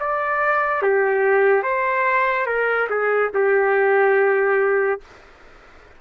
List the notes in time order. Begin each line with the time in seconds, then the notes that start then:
0.00 D5
0.83 G4
1.64 C5
2.47 A#4
2.90 G#4
3.34 G4